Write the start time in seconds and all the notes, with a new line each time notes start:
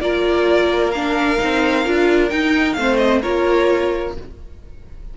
0.00 A#3 F4 A#4 D5
0.91 D4 F5
1.37 C4 D#4
1.85 D4 F4
2.29 D#4 G5
2.73 A3 C4 F5
2.79 C5
2.97 D#5
3.21 A#3 F4 A#4 C#5